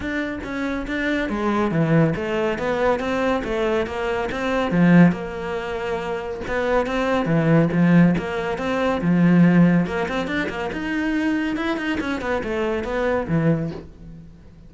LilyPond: \new Staff \with { instrumentName = "cello" } { \time 4/4 \tempo 4 = 140 d'4 cis'4 d'4 gis4 | e4 a4 b4 c'4 | a4 ais4 c'4 f4 | ais2. b4 |
c'4 e4 f4 ais4 | c'4 f2 ais8 c'8 | d'8 ais8 dis'2 e'8 dis'8 | cis'8 b8 a4 b4 e4 | }